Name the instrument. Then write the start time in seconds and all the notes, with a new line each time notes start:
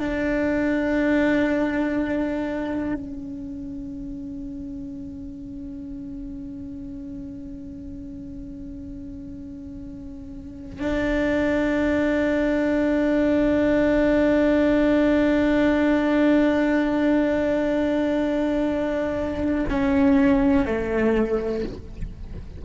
cello
0.00 D4
2.94 C#4
10.80 D4
19.70 C#4
20.66 A3